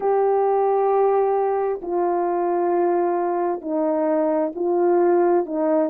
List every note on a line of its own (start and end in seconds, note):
0.00 1.80 G4
1.81 3.61 F4
3.61 4.52 D#4
4.55 5.45 F4
5.45 5.90 D#4